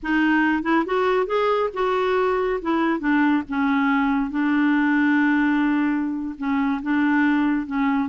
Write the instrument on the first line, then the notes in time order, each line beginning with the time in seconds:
clarinet
0.02 D#4
0.62 E4
0.85 F#4
1.26 G#4
1.73 F#4
2.61 E4
2.99 D4
3.48 C#4
4.30 D4
6.38 C#4
6.82 D4
7.66 C#4